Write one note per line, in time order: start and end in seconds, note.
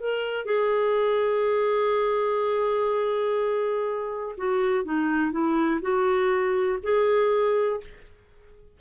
0.00 0.45 A#4
0.45 4.36 G#4
4.37 4.84 F#4
4.84 5.32 D#4
5.32 5.81 E4
5.82 6.79 F#4
6.83 7.80 G#4